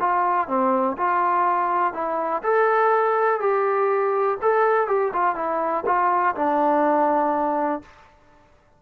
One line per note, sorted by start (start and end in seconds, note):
0.00 0.48 F4
0.48 0.96 C4
0.98 1.94 F4
1.94 2.42 E4
2.43 3.40 A4
3.40 4.38 G4
4.42 4.88 A4
4.88 5.12 G4
5.13 5.35 F4
5.35 5.84 E4
5.86 6.35 F4
6.35 7.82 D4